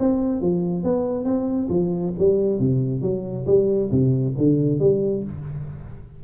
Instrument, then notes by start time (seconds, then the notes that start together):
tuba
0.00 C4
0.41 F3
0.84 B3
1.25 C4
1.70 F3
2.19 G3
2.60 C3
3.02 F#3
3.47 G3
3.92 C3
4.38 D3
4.80 G3